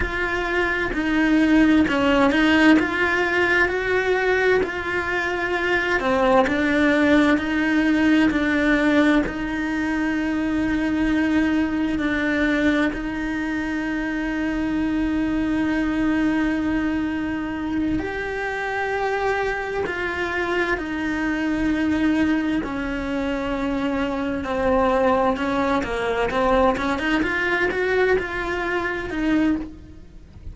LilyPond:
\new Staff \with { instrumentName = "cello" } { \time 4/4 \tempo 4 = 65 f'4 dis'4 cis'8 dis'8 f'4 | fis'4 f'4. c'8 d'4 | dis'4 d'4 dis'2~ | dis'4 d'4 dis'2~ |
dis'2.~ dis'8 g'8~ | g'4. f'4 dis'4.~ | dis'8 cis'2 c'4 cis'8 | ais8 c'8 cis'16 dis'16 f'8 fis'8 f'4 dis'8 | }